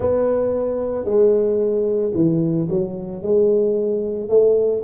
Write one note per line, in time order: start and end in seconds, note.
0.00 1.05 B3
1.05 2.12 G#3
2.14 2.67 E3
2.69 3.22 F#3
3.22 4.29 G#3
4.29 4.82 A3